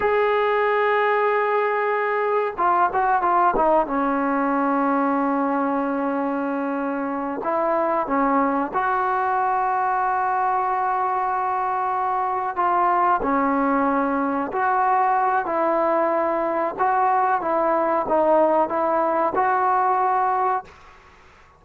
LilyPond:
\new Staff \with { instrumentName = "trombone" } { \time 4/4 \tempo 4 = 93 gis'1 | f'8 fis'8 f'8 dis'8 cis'2~ | cis'2.~ cis'8 e'8~ | e'8 cis'4 fis'2~ fis'8~ |
fis'2.~ fis'8 f'8~ | f'8 cis'2 fis'4. | e'2 fis'4 e'4 | dis'4 e'4 fis'2 | }